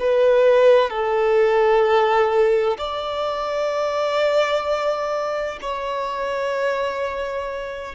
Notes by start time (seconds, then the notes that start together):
0.00 B4
0.89 A4
2.78 D5
5.61 C#5